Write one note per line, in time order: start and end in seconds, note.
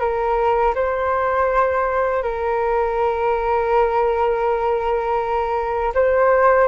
0.00 0.74 A#4
0.75 2.23 C5
2.23 5.94 A#4
5.95 6.68 C5